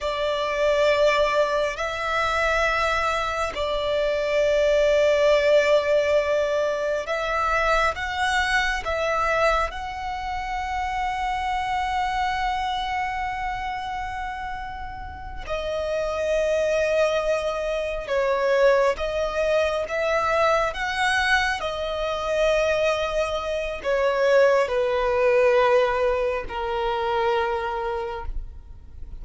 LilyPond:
\new Staff \with { instrumentName = "violin" } { \time 4/4 \tempo 4 = 68 d''2 e''2 | d''1 | e''4 fis''4 e''4 fis''4~ | fis''1~ |
fis''4. dis''2~ dis''8~ | dis''8 cis''4 dis''4 e''4 fis''8~ | fis''8 dis''2~ dis''8 cis''4 | b'2 ais'2 | }